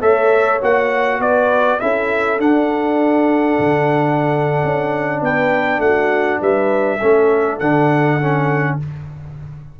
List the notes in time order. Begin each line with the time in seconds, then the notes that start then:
0.00 A3 A4 C#5 E5
0.61 A#3 F#4 F#5
1.19 B3 B4 D5
1.79 C#4 E4 A4 E5
2.38 D4 F#5
3.59 D3
4.63 C#4
5.21 B3 B4 G5
5.78 A3 F#4 F#5
6.40 G3 B4 E5
6.98 A3 C#4 A4
7.59 D3 D4 F#5
8.20 C#4